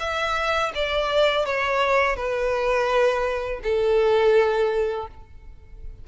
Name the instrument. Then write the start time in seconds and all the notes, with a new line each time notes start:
violin
0.00 E5
0.75 D5
1.46 C#5
2.16 B4
3.63 A4